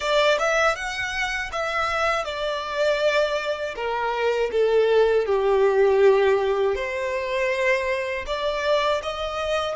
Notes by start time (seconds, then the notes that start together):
0.00 D5
0.39 E5
0.75 F#5
1.52 E5
2.25 D5
3.75 A#4
4.51 A4
5.26 G4
6.75 C5
8.26 D5
9.02 D#5